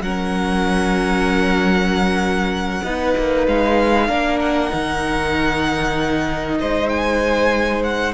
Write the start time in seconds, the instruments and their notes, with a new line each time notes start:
0.00 cello F#3, viola C#4, violin A#4 F#5
2.83 cello B3, viola D#4, violin B4
3.17 cello A#3
3.47 cello G#3, violin F5
4.07 cello A#3, viola D4, violin A#4
4.39 violin F#5
4.70 cello D#3, viola D#4
6.58 cello G#3, violin C5 D#5
6.89 violin G#5
7.83 violin F#5